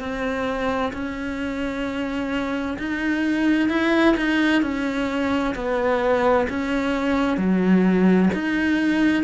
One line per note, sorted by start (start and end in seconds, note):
0.00 0.92 C4
0.93 2.78 C#4
2.79 3.69 D#4
3.69 4.15 E4
4.17 4.62 D#4
4.62 5.55 C#4
5.55 6.47 B3
6.50 7.37 C#4
7.37 8.30 F#3
8.34 9.23 D#4